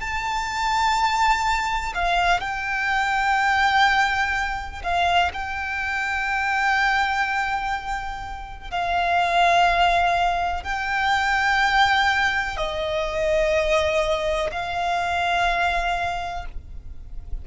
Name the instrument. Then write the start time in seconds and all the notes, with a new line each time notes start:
violin
0.00 A5
1.94 F5
2.41 G5
4.83 F5
5.33 G5
8.71 F5
10.64 G5
12.57 D#5
14.52 F5